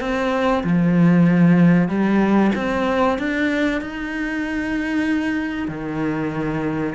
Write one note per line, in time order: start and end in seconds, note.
0.00 0.63 C4
0.64 1.88 F3
1.88 2.51 G3
2.55 3.18 C4
3.19 3.82 D4
3.82 5.68 D#4
5.68 6.94 D#3